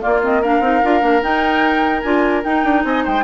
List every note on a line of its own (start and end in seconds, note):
0.00 0.20 A#3
0.00 0.60 A#3
0.00 0.41 F4
0.00 0.21 D5
0.22 0.42 C4
0.22 0.42 D#5
0.41 0.62 D4
0.41 2.82 A#4
0.41 1.22 F5
0.60 0.80 C4
0.60 0.82 D#4
0.83 1.02 D4
0.83 1.00 F4
1.00 1.22 A#3
1.00 1.20 D4
1.22 2.02 D#4
1.22 2.03 D#4
1.22 2.02 G5
2.02 2.44 D4
2.02 2.43 F4
2.02 2.42 G#5
2.44 2.64 D#4
2.44 3.24 D#4
2.44 2.84 G5
2.64 2.84 D4
2.84 3.04 C4
2.84 3.04 D#5
2.84 3.05 G#5
3.04 3.24 G#3
3.04 3.24 C5
3.04 3.24 G5